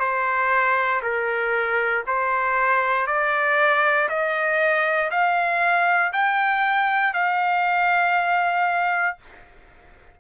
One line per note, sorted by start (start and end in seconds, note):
0.00 1.02 C5
1.03 2.04 A#4
2.08 3.07 C5
3.07 4.09 D5
4.09 5.11 D#5
5.11 6.13 F5
6.13 7.14 G5
7.14 9.18 F5